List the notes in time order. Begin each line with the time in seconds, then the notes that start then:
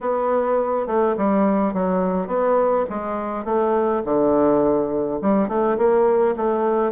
0.01 B3
0.87 A3
1.17 G3
1.73 F#3
2.27 B3
2.89 G#3
3.44 A3
4.04 D3
5.21 G3
5.48 A3
5.77 A#3
6.36 A3